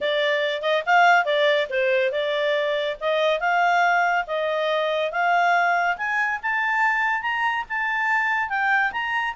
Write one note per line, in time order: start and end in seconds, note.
0.01 0.62 D5
0.62 0.83 D#5
0.86 1.25 F5
1.25 1.67 D5
1.69 2.11 C5
2.11 2.97 D5
3.00 3.40 D#5
3.40 4.25 F5
4.27 5.11 D#5
5.11 5.97 F5
5.97 6.39 G#5
6.42 7.21 A5
7.21 7.64 A#5
7.69 8.49 A5
8.49 8.91 G5
8.91 9.34 A#5